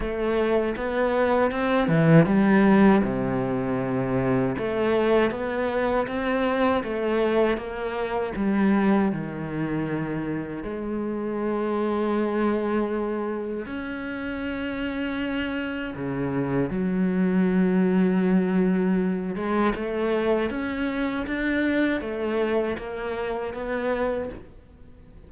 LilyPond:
\new Staff \with { instrumentName = "cello" } { \time 4/4 \tempo 4 = 79 a4 b4 c'8 e8 g4 | c2 a4 b4 | c'4 a4 ais4 g4 | dis2 gis2~ |
gis2 cis'2~ | cis'4 cis4 fis2~ | fis4. gis8 a4 cis'4 | d'4 a4 ais4 b4 | }